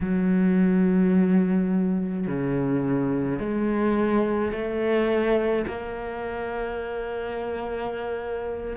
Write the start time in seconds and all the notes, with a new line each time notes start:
0.01 F#3
2.27 C#3
3.39 G#3
4.51 A3
5.67 A#3